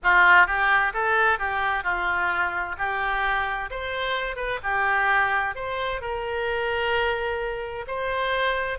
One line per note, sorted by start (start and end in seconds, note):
0.03 0.46 F4
0.46 0.93 G4
0.93 1.38 A4
1.38 1.83 G4
1.83 2.75 F4
2.77 3.70 G4
3.70 4.36 C5
4.36 4.59 B4
4.63 5.55 G4
5.55 6.01 C5
6.01 7.85 A#4
7.87 8.78 C5